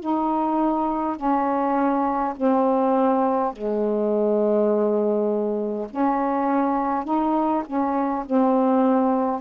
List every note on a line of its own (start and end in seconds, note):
0.00 1.17 D#4
1.17 2.34 C#4
2.36 3.53 C4
3.53 5.88 G#3
5.90 7.05 C#4
7.05 7.64 D#4
7.66 8.25 C#4
8.26 9.41 C4